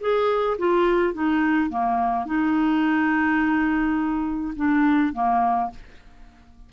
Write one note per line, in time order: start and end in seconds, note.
0.00 0.57 G#4
0.58 1.13 F4
1.13 1.69 D#4
1.69 2.25 A#3
2.25 4.54 D#4
4.56 5.13 D4
5.13 5.70 A#3